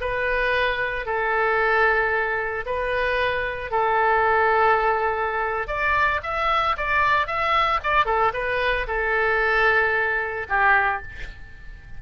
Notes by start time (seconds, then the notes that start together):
0.00 B4
1.05 A4
2.65 B4
3.70 A4
5.67 D5
6.23 E5
6.77 D5
7.26 E5
7.83 D5
8.05 A4
8.33 B4
8.87 A4
10.48 G4